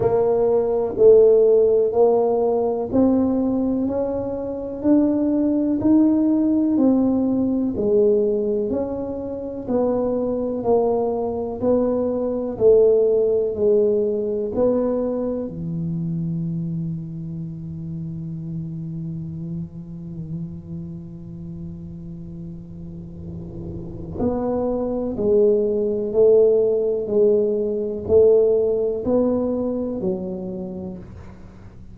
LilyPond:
\new Staff \with { instrumentName = "tuba" } { \time 4/4 \tempo 4 = 62 ais4 a4 ais4 c'4 | cis'4 d'4 dis'4 c'4 | gis4 cis'4 b4 ais4 | b4 a4 gis4 b4 |
e1~ | e1~ | e4 b4 gis4 a4 | gis4 a4 b4 fis4 | }